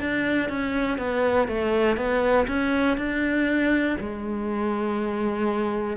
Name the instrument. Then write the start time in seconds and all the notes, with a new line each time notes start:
cello
0.00 D4
0.49 C#4
0.98 B3
1.49 A3
1.97 B3
2.48 C#4
2.97 D4
4.00 G#3